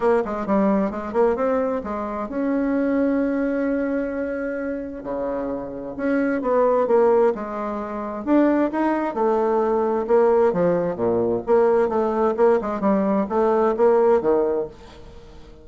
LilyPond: \new Staff \with { instrumentName = "bassoon" } { \time 4/4 \tempo 4 = 131 ais8 gis8 g4 gis8 ais8 c'4 | gis4 cis'2.~ | cis'2. cis4~ | cis4 cis'4 b4 ais4 |
gis2 d'4 dis'4 | a2 ais4 f4 | ais,4 ais4 a4 ais8 gis8 | g4 a4 ais4 dis4 | }